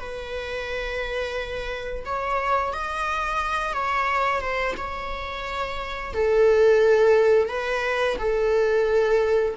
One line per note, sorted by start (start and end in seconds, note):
0.00 2.05 B4
2.06 2.74 C#5
2.74 3.73 D#5
3.73 4.41 C#5
4.41 4.75 C5
4.78 6.14 C#5
6.14 7.49 A4
7.49 8.17 B4
8.19 9.55 A4